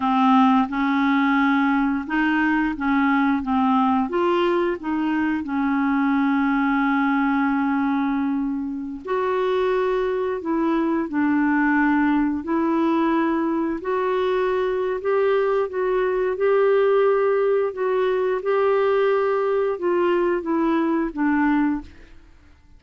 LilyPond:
\new Staff \with { instrumentName = "clarinet" } { \time 4/4 \tempo 4 = 88 c'4 cis'2 dis'4 | cis'4 c'4 f'4 dis'4 | cis'1~ | cis'4~ cis'16 fis'2 e'8.~ |
e'16 d'2 e'4.~ e'16~ | e'16 fis'4.~ fis'16 g'4 fis'4 | g'2 fis'4 g'4~ | g'4 f'4 e'4 d'4 | }